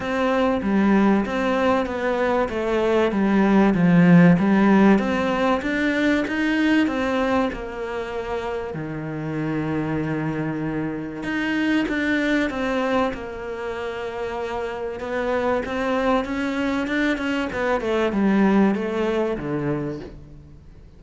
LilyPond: \new Staff \with { instrumentName = "cello" } { \time 4/4 \tempo 4 = 96 c'4 g4 c'4 b4 | a4 g4 f4 g4 | c'4 d'4 dis'4 c'4 | ais2 dis2~ |
dis2 dis'4 d'4 | c'4 ais2. | b4 c'4 cis'4 d'8 cis'8 | b8 a8 g4 a4 d4 | }